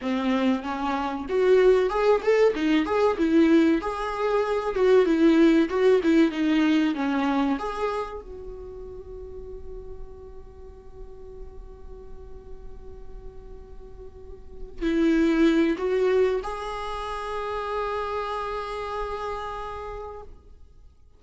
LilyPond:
\new Staff \with { instrumentName = "viola" } { \time 4/4 \tempo 4 = 95 c'4 cis'4 fis'4 gis'8 a'8 | dis'8 gis'8 e'4 gis'4. fis'8 | e'4 fis'8 e'8 dis'4 cis'4 | gis'4 fis'2.~ |
fis'1~ | fis'2.~ fis'8 e'8~ | e'4 fis'4 gis'2~ | gis'1 | }